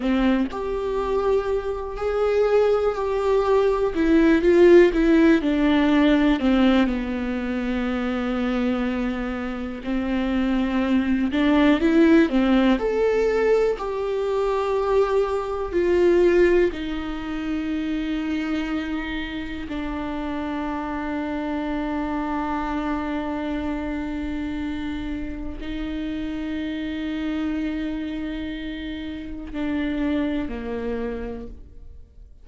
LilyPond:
\new Staff \with { instrumentName = "viola" } { \time 4/4 \tempo 4 = 61 c'8 g'4. gis'4 g'4 | e'8 f'8 e'8 d'4 c'8 b4~ | b2 c'4. d'8 | e'8 c'8 a'4 g'2 |
f'4 dis'2. | d'1~ | d'2 dis'2~ | dis'2 d'4 ais4 | }